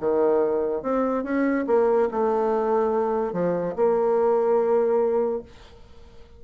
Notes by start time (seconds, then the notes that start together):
0.00 D#3
0.82 C4
1.24 C#4
1.67 A#3
2.11 A3
3.33 F3
3.76 A#3